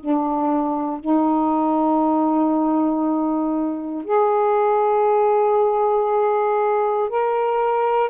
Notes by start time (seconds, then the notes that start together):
0.00 D4
1.00 D#4
4.05 G#4
7.10 A#4